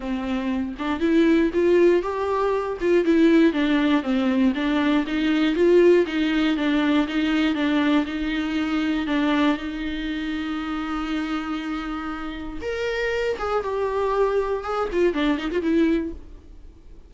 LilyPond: \new Staff \with { instrumentName = "viola" } { \time 4/4 \tempo 4 = 119 c'4. d'8 e'4 f'4 | g'4. f'8 e'4 d'4 | c'4 d'4 dis'4 f'4 | dis'4 d'4 dis'4 d'4 |
dis'2 d'4 dis'4~ | dis'1~ | dis'4 ais'4. gis'8 g'4~ | g'4 gis'8 f'8 d'8 dis'16 f'16 e'4 | }